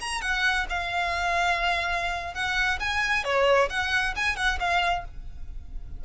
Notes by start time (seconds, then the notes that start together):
0.00 A#5
0.21 F#5
0.69 F5
2.34 F#5
2.80 G#5
3.24 C#5
3.69 F#5
4.16 G#5
4.36 F#5
4.59 F5